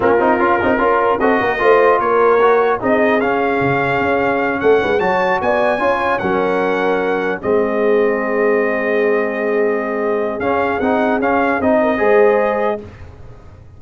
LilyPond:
<<
  \new Staff \with { instrumentName = "trumpet" } { \time 4/4 \tempo 4 = 150 ais'2. dis''4~ | dis''4 cis''2 dis''4 | f''2.~ f''8 fis''8~ | fis''8 a''4 gis''2 fis''8~ |
fis''2~ fis''8 dis''4.~ | dis''1~ | dis''2 f''4 fis''4 | f''4 dis''2. | }
  \new Staff \with { instrumentName = "horn" } { \time 4/4 f'2 ais'4 a'8 ais'8 | c''4 ais'2 gis'4~ | gis'2.~ gis'8 a'8 | b'8 cis''4 d''4 cis''4 ais'8~ |
ais'2~ ais'8 gis'4.~ | gis'1~ | gis'1~ | gis'4. ais'8 c''2 | }
  \new Staff \with { instrumentName = "trombone" } { \time 4/4 cis'8 dis'8 f'8 dis'8 f'4 fis'4 | f'2 fis'4 dis'4 | cis'1~ | cis'8 fis'2 f'4 cis'8~ |
cis'2~ cis'8 c'4.~ | c'1~ | c'2 cis'4 dis'4 | cis'4 dis'4 gis'2 | }
  \new Staff \with { instrumentName = "tuba" } { \time 4/4 ais8 c'8 cis'8 c'8 cis'4 c'8 ais8 | a4 ais2 c'4 | cis'4 cis4 cis'4. a8 | gis8 fis4 b4 cis'4 fis8~ |
fis2~ fis8 gis4.~ | gis1~ | gis2 cis'4 c'4 | cis'4 c'4 gis2 | }
>>